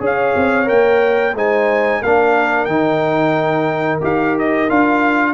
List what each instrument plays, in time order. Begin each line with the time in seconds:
0.00 tuba C#4, trombone G#4, horn C#5, trumpet F5
0.36 tuba C4
0.65 tuba A#3, trombone A#4, trumpet G5
1.34 tuba G#3, trombone D#4, horn C5, trumpet G#5
2.01 tuba A#3, trombone D4, horn A#4, trumpet F5
2.65 tuba D#3, trombone D#4, trumpet G5
4.01 tuba D#4, trombone G4, trumpet F5
4.38 trumpet D#5
4.69 tuba D4, trombone F4, trumpet F5